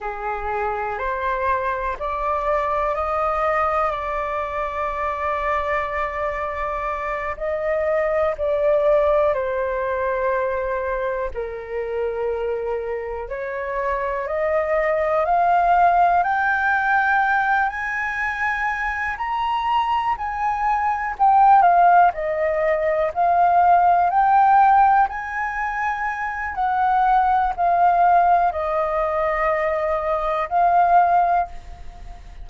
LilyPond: \new Staff \with { instrumentName = "flute" } { \time 4/4 \tempo 4 = 61 gis'4 c''4 d''4 dis''4 | d''2.~ d''8 dis''8~ | dis''8 d''4 c''2 ais'8~ | ais'4. cis''4 dis''4 f''8~ |
f''8 g''4. gis''4. ais''8~ | ais''8 gis''4 g''8 f''8 dis''4 f''8~ | f''8 g''4 gis''4. fis''4 | f''4 dis''2 f''4 | }